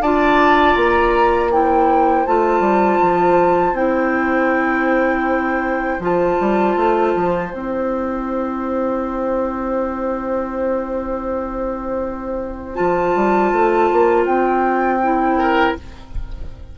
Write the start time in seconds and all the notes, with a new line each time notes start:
0.00 D4 F4 D5 A5
0.76 A#3 A#5
1.51 E4 C5 G5
2.26 A3 F4 A5
2.60 G3
3.02 F3
3.73 C4 E4 G5
5.99 F3 F4 A5
6.40 G3
6.76 A3
7.15 F3
7.49 C4 E4 G5
12.75 F3 F4 A5
13.15 G3
13.52 A3
13.92 A#3
14.26 C4 G5
15.03 E4
15.38 A#4